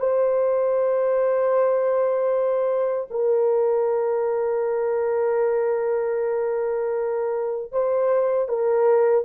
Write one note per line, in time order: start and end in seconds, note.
0.00 3.08 C5
3.10 7.72 A#4
7.72 8.49 C5
8.49 9.25 A#4